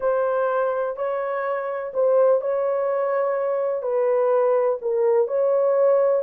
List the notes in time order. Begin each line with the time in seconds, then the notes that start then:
0.00 C5
0.96 C#5
1.93 C5
2.41 C#5
3.82 B4
4.81 A#4
5.27 C#5